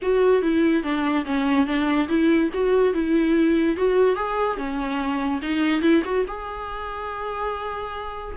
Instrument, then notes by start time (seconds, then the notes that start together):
viola
0.02 F#4
0.41 E4
0.83 D4
1.25 C#4
1.66 D4
2.08 E4
2.53 F#4
2.93 E4
3.77 F#4
4.15 G#4
4.57 C#4
5.42 D#4
5.81 E4
6.04 F#4
6.27 G#4